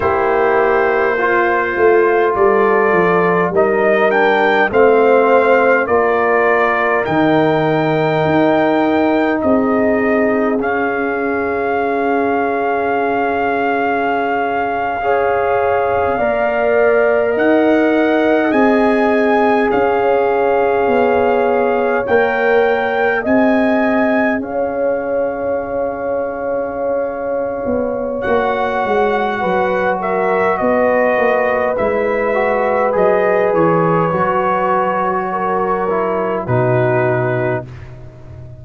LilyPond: <<
  \new Staff \with { instrumentName = "trumpet" } { \time 4/4 \tempo 4 = 51 c''2 d''4 dis''8 g''8 | f''4 d''4 g''2 | dis''4 f''2.~ | f''2~ f''8. fis''4 gis''16~ |
gis''8. f''2 g''4 gis''16~ | gis''8. f''2.~ f''16 | fis''4. e''8 dis''4 e''4 | dis''8 cis''2~ cis''8 b'4 | }
  \new Staff \with { instrumentName = "horn" } { \time 4/4 g'4 f'4 a'4 ais'4 | c''4 ais'2. | gis'1~ | gis'8. cis''4 d''4 dis''4~ dis''16~ |
dis''8. cis''2. dis''16~ | dis''8. cis''2.~ cis''16~ | cis''4 b'8 ais'8 b'2~ | b'2 ais'4 fis'4 | }
  \new Staff \with { instrumentName = "trombone" } { \time 4/4 e'4 f'2 dis'8 d'8 | c'4 f'4 dis'2~ | dis'4 cis'2.~ | cis'8. gis'4 ais'2 gis'16~ |
gis'2~ gis'8. ais'4 gis'16~ | gis'1 | fis'2. e'8 fis'8 | gis'4 fis'4. e'8 dis'4 | }
  \new Staff \with { instrumentName = "tuba" } { \time 4/4 ais4. a8 g8 f8 g4 | a4 ais4 dis4 dis'4 | c'4 cis'2.~ | cis'4.~ cis'16 ais4 dis'4 c'16~ |
c'8. cis'4 b4 ais4 c'16~ | c'8. cis'2~ cis'8. b8 | ais8 gis8 fis4 b8 ais8 gis4 | fis8 e8 fis2 b,4 | }
>>